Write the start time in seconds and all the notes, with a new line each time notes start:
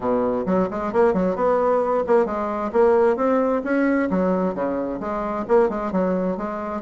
0.00 B2
0.46 F#3
0.70 G#3
0.92 A#3
1.13 F#3
1.35 B3
2.06 A#3
2.25 G#3
2.72 A#3
3.16 C4
3.64 C#4
4.10 F#3
4.54 C#3
5.00 G#3
5.48 A#3
5.69 G#3
5.92 F#3
6.37 G#3